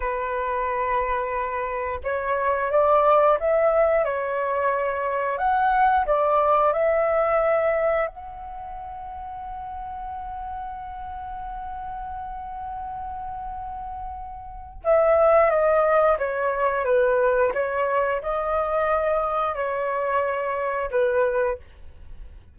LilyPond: \new Staff \with { instrumentName = "flute" } { \time 4/4 \tempo 4 = 89 b'2. cis''4 | d''4 e''4 cis''2 | fis''4 d''4 e''2 | fis''1~ |
fis''1~ | fis''2 e''4 dis''4 | cis''4 b'4 cis''4 dis''4~ | dis''4 cis''2 b'4 | }